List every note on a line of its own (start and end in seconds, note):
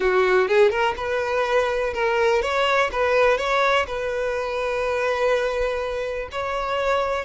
0.00 0.48 F#4
0.48 0.70 G#4
0.70 0.94 A#4
0.97 1.93 B4
1.93 2.41 A#4
2.41 2.90 C#5
2.92 3.37 B4
3.37 3.86 C#5
3.86 6.28 B4
6.31 7.24 C#5